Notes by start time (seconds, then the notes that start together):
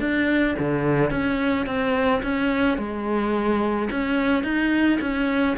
0.00 D4
0.59 D3
1.11 C#4
1.67 C4
2.23 C#4
2.78 G#3
3.91 C#4
4.43 D#4
5.01 C#4